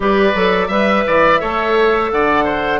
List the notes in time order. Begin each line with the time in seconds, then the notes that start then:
0.00 G3 G4 B4 D5
0.34 F#3 A4
0.67 G3 B4 E5
1.06 E3 D5
1.40 A3 A4 C#5
2.11 D3 D5 F#5
2.44 C5